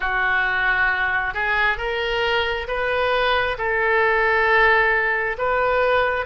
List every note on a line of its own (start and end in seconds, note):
0.00 1.34 F#4
1.34 1.77 G#4
1.77 2.67 A#4
2.67 3.57 B4
3.57 5.36 A4
5.37 6.25 B4